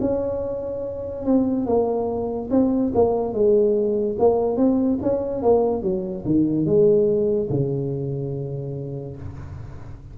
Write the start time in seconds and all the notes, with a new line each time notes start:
0.00 C#4
1.25 C4
1.66 A#3
2.50 C4
2.94 A#3
3.33 G#3
4.19 A#3
4.56 C4
5.02 C#4
5.42 A#3
5.82 F#3
6.25 D#3
6.65 G#3
7.50 C#3